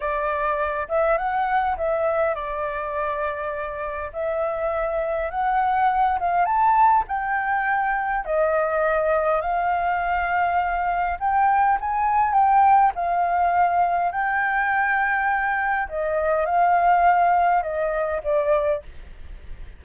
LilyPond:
\new Staff \with { instrumentName = "flute" } { \time 4/4 \tempo 4 = 102 d''4. e''8 fis''4 e''4 | d''2. e''4~ | e''4 fis''4. f''8 a''4 | g''2 dis''2 |
f''2. g''4 | gis''4 g''4 f''2 | g''2. dis''4 | f''2 dis''4 d''4 | }